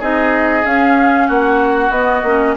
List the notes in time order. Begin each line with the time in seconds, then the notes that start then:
0.00 C4 D#4 G#4 D#5
0.64 C#4 F5
1.28 A#3 F#4 F#5
1.90 B3 D#5
2.24 A#3 C#4